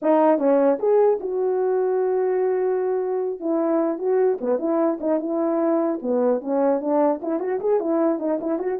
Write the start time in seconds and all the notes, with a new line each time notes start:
0.02 D#4
0.38 C#4
0.79 G#4
1.20 F#4
3.40 E4
3.98 F#4
4.40 B3
4.59 E4
5.00 D#4
5.19 E4
6.01 B3
6.40 C#4
6.80 D4
7.22 E4
7.39 F#4
7.60 G#4
7.80 E4
8.19 D#4
8.41 E4
8.59 F#4